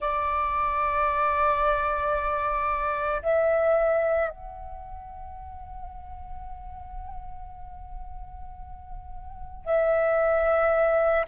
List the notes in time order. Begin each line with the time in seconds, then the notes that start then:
0.00 D5
3.22 E5
4.29 F#5
9.65 E5